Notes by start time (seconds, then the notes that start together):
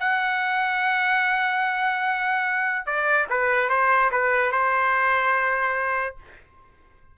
0.00 F#5
2.87 D5
3.30 B4
3.70 C5
4.12 B4
4.53 C5